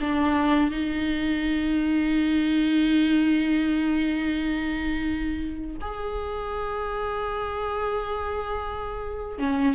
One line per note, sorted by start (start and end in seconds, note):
0.00 0.71 D4
0.71 5.77 D#4
5.81 9.38 G#4
9.38 9.74 C#4